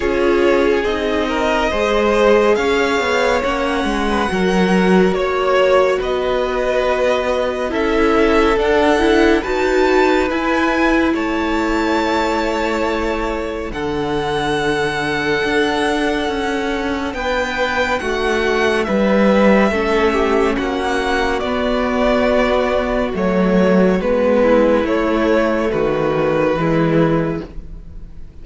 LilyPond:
<<
  \new Staff \with { instrumentName = "violin" } { \time 4/4 \tempo 4 = 70 cis''4 dis''2 f''4 | fis''2 cis''4 dis''4~ | dis''4 e''4 fis''4 a''4 | gis''4 a''2. |
fis''1 | g''4 fis''4 e''2 | fis''4 d''2 cis''4 | b'4 cis''4 b'2 | }
  \new Staff \with { instrumentName = "violin" } { \time 4/4 gis'4. ais'8 c''4 cis''4~ | cis''8. b'16 ais'4 cis''4 b'4~ | b'4 a'2 b'4~ | b'4 cis''2. |
a'1 | b'4 fis'4 b'4 a'8 g'8 | fis'1~ | fis'8 e'4. fis'4 e'4 | }
  \new Staff \with { instrumentName = "viola" } { \time 4/4 f'4 dis'4 gis'2 | cis'4 fis'2.~ | fis'4 e'4 d'8 e'8 fis'4 | e'1 |
d'1~ | d'2. cis'4~ | cis'4 b2 a4 | b4 a2 gis4 | }
  \new Staff \with { instrumentName = "cello" } { \time 4/4 cis'4 c'4 gis4 cis'8 b8 | ais8 gis8 fis4 ais4 b4~ | b4 cis'4 d'4 dis'4 | e'4 a2. |
d2 d'4 cis'4 | b4 a4 g4 a4 | ais4 b2 fis4 | gis4 a4 dis4 e4 | }
>>